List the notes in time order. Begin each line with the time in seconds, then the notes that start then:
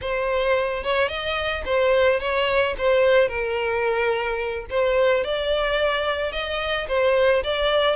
0.01 C5
0.83 C#5
1.08 D#5
1.65 C5
2.19 C#5
2.78 C5
3.28 A#4
4.70 C5
5.23 D5
6.32 D#5
6.88 C5
7.43 D5